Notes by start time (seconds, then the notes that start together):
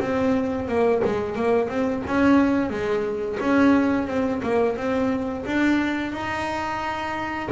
0.00 C4
0.68 A#3
1.04 G#3
1.36 A#3
1.69 C4
2.07 C#4
2.70 G#3
3.40 C#4
4.07 C4
4.43 A#3
4.77 C4
5.46 D4
6.13 D#4